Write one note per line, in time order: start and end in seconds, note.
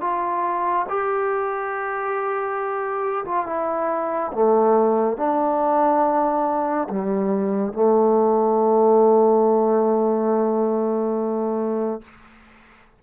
0.00 0.86 F4
0.88 3.24 G4
3.25 3.46 F4
3.46 4.31 E4
4.32 5.17 A3
5.17 6.88 D4
6.89 7.73 G3
7.73 12.01 A3